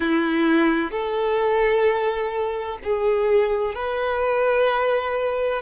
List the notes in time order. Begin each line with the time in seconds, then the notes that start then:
0.00 E4
0.91 A4
2.83 G#4
3.75 B4